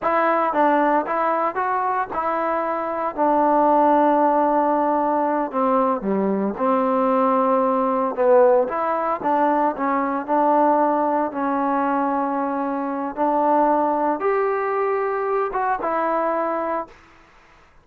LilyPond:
\new Staff \with { instrumentName = "trombone" } { \time 4/4 \tempo 4 = 114 e'4 d'4 e'4 fis'4 | e'2 d'2~ | d'2~ d'8 c'4 g8~ | g8 c'2. b8~ |
b8 e'4 d'4 cis'4 d'8~ | d'4. cis'2~ cis'8~ | cis'4 d'2 g'4~ | g'4. fis'8 e'2 | }